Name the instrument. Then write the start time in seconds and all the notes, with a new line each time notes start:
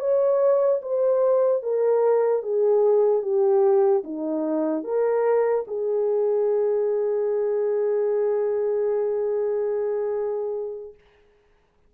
horn
0.00 C#5
0.82 C5
1.63 A#4
2.43 G#4
3.22 G4
4.04 D#4
4.84 A#4
5.68 G#4